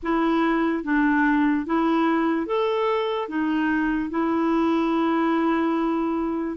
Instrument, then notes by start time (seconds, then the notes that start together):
clarinet
0.03 E4
0.83 D4
1.66 E4
2.46 A4
3.28 D#4
4.10 E4